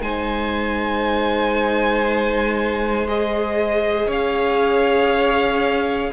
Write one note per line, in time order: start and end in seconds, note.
0.00 4.07 G#3
0.00 3.07 D#4
0.00 4.07 C5
0.00 3.07 G#5
3.07 6.12 G#4
3.07 4.10 D#5
4.07 6.11 C#4
4.07 6.10 C#5
4.07 6.13 F5